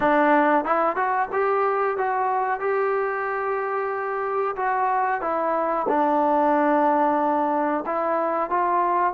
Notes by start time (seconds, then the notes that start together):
0.00 D4
0.64 E4
0.95 F#4
1.32 G4
1.97 F#4
2.59 G4
4.56 F#4
5.21 E4
5.88 D4
7.86 E4
8.50 F4